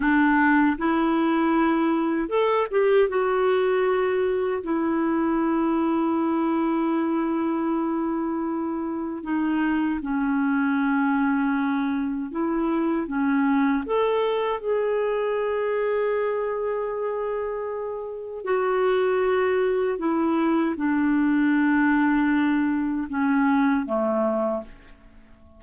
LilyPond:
\new Staff \with { instrumentName = "clarinet" } { \time 4/4 \tempo 4 = 78 d'4 e'2 a'8 g'8 | fis'2 e'2~ | e'1 | dis'4 cis'2. |
e'4 cis'4 a'4 gis'4~ | gis'1 | fis'2 e'4 d'4~ | d'2 cis'4 a4 | }